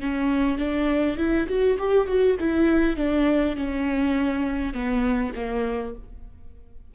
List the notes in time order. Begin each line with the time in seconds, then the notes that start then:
0.00 C#4
0.58 D4
1.17 E4
1.48 F#4
1.78 G4
2.07 F#4
2.40 E4
2.96 D4
3.56 C#4
4.73 B3
5.35 A#3